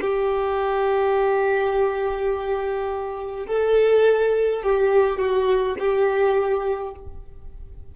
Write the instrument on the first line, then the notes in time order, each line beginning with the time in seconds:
violin
0.00 G4
3.47 A4
4.62 G4
5.18 F#4
5.78 G4